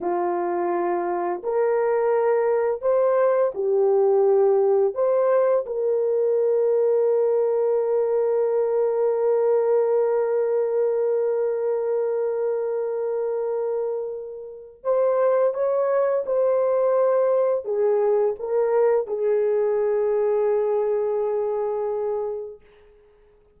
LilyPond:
\new Staff \with { instrumentName = "horn" } { \time 4/4 \tempo 4 = 85 f'2 ais'2 | c''4 g'2 c''4 | ais'1~ | ais'1~ |
ais'1~ | ais'4 c''4 cis''4 c''4~ | c''4 gis'4 ais'4 gis'4~ | gis'1 | }